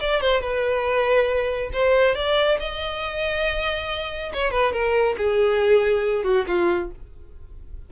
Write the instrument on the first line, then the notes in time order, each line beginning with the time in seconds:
violin
0.00 D5
0.21 C5
0.41 B4
1.73 C5
2.15 D5
2.60 D#5
4.33 C#5
4.51 B4
4.72 A#4
5.17 G#4
6.24 F#4
6.47 F4